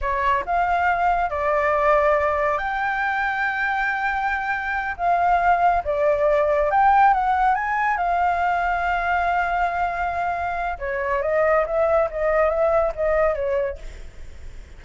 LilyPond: \new Staff \with { instrumentName = "flute" } { \time 4/4 \tempo 4 = 139 cis''4 f''2 d''4~ | d''2 g''2~ | g''2.~ g''8 f''8~ | f''4. d''2 g''8~ |
g''8 fis''4 gis''4 f''4.~ | f''1~ | f''4 cis''4 dis''4 e''4 | dis''4 e''4 dis''4 cis''4 | }